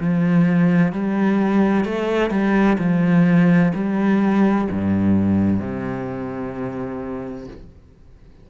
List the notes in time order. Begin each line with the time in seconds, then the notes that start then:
0.00 F3
0.92 G3
1.85 A3
2.30 G3
2.78 F3
3.74 G3
4.70 G2
5.60 C3